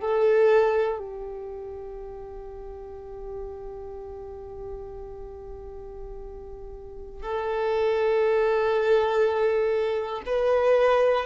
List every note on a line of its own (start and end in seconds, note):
0.00 0.98 A4
0.98 7.22 G4
7.22 10.22 A4
10.25 11.25 B4